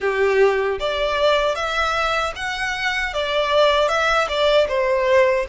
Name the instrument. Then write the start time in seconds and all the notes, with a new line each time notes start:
violin
0.00 G4
0.79 D5
1.55 E5
2.36 F#5
3.13 D5
3.88 E5
4.28 D5
4.68 C5